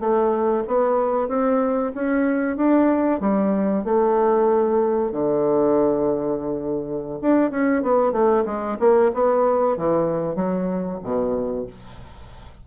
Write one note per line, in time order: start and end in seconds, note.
0.00 0.64 A3
0.68 1.29 B3
1.29 1.93 C4
1.95 2.57 C#4
2.57 3.21 D4
3.21 3.84 G3
3.84 5.12 A3
5.12 7.20 D3
7.22 7.51 D4
7.51 7.83 C#4
7.83 8.13 B3
8.13 8.45 A3
8.46 8.78 G#3
8.80 9.12 A#3
9.14 9.77 B3
9.77 10.35 E3
10.35 10.99 F#3
11.03 11.67 B2